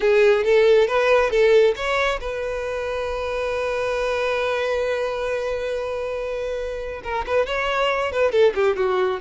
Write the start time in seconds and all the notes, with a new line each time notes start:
0.00 G#4
0.44 A4
0.87 B4
1.30 A4
1.75 C#5
2.20 B4
7.03 A#4
7.26 B4
7.46 C#5
8.11 B4
8.31 A4
8.55 G4
8.76 F#4